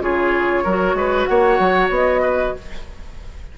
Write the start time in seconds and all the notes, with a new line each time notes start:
0.00 C#3 F4 G#4 C#5
0.64 F#3 F#4 A#4
0.94 G#3 B4
1.26 A#3 C#5 F#5
1.59 F#3
1.90 B3 D#5
2.22 B4